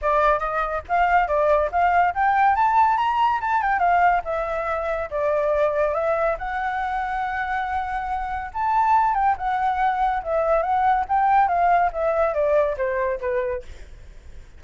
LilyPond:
\new Staff \with { instrumentName = "flute" } { \time 4/4 \tempo 4 = 141 d''4 dis''4 f''4 d''4 | f''4 g''4 a''4 ais''4 | a''8 g''8 f''4 e''2 | d''2 e''4 fis''4~ |
fis''1 | a''4. g''8 fis''2 | e''4 fis''4 g''4 f''4 | e''4 d''4 c''4 b'4 | }